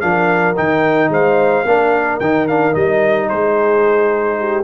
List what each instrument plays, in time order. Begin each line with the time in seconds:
0.00 tuba F3, trombone D4, horn A#4, trumpet F5
0.56 tuba D#3, trombone D#4, trumpet G5
1.09 tuba G#3, horn C5, trumpet F5
1.65 tuba A#3, trombone D4, horn A#4
2.20 tuba D#3, trombone D#4, trumpet G5
2.47 trombone D4, trumpet F5
2.72 tuba G3, trombone D#4, trumpet D#5
3.28 tuba G#3, horn G#4, trumpet C5
4.38 horn G4